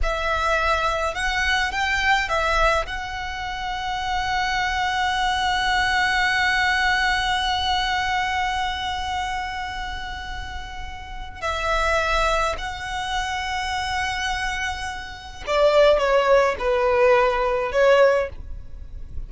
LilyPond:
\new Staff \with { instrumentName = "violin" } { \time 4/4 \tempo 4 = 105 e''2 fis''4 g''4 | e''4 fis''2.~ | fis''1~ | fis''1~ |
fis''1 | e''2 fis''2~ | fis''2. d''4 | cis''4 b'2 cis''4 | }